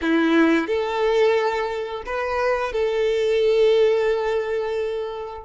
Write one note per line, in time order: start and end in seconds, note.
0.01 0.67 E4
0.67 2.03 A4
2.06 2.72 B4
2.72 5.45 A4